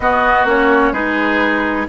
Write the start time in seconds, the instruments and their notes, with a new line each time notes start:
0.00 bassoon B3, clarinet B3, oboe F#4, flute D#5
0.44 bassoon A#3, clarinet C#4, flute C#5
0.92 bassoon G#3, clarinet D#4, oboe G#4, flute B4